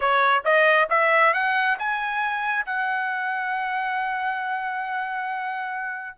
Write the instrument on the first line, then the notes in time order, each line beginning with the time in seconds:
trumpet
0.00 C#5
0.44 D#5
0.89 E5
1.33 F#5
1.78 G#5
2.65 F#5